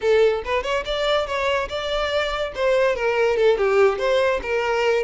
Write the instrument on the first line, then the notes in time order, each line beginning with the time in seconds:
violin
0.01 A4
0.44 B4
0.63 C#5
0.85 D5
1.26 C#5
1.68 D5
2.55 C5
2.95 A#4
3.37 A4
3.57 G4
3.98 C5
4.42 A#4